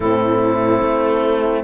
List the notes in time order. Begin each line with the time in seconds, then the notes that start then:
0.00 A2 C4 E4 A4
0.82 A3